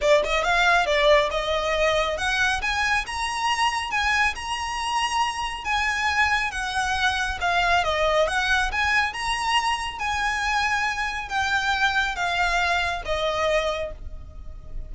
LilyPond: \new Staff \with { instrumentName = "violin" } { \time 4/4 \tempo 4 = 138 d''8 dis''8 f''4 d''4 dis''4~ | dis''4 fis''4 gis''4 ais''4~ | ais''4 gis''4 ais''2~ | ais''4 gis''2 fis''4~ |
fis''4 f''4 dis''4 fis''4 | gis''4 ais''2 gis''4~ | gis''2 g''2 | f''2 dis''2 | }